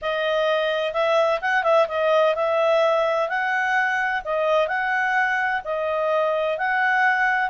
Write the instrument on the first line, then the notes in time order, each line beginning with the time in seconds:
clarinet
0.01 D#5
0.93 E5
1.41 F#5
1.63 E5
1.88 D#5
2.35 E5
3.28 F#5
4.24 D#5
4.67 F#5
5.64 D#5
6.58 F#5